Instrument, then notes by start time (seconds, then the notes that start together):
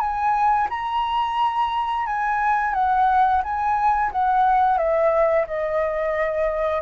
flute
0.00 G#5
0.70 A#5
2.06 G#5
2.74 F#5
3.43 G#5
4.12 F#5
4.78 E5
5.47 D#5